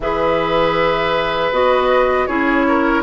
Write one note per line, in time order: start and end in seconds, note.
0.00 1.51 E3
0.00 1.53 G#4
0.00 2.28 B4
0.00 1.52 E5
1.51 2.27 B3
1.51 2.28 F#4
1.51 2.26 D#5
2.26 3.03 C#4
2.26 3.03 E4
2.26 2.66 G#4
2.26 3.02 C#5
2.68 3.03 A#4